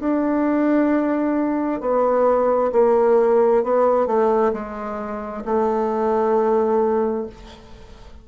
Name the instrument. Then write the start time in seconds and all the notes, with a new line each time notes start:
bassoon
0.00 D4
1.81 B3
2.72 A#3
3.63 B3
4.07 A3
4.53 G#3
5.45 A3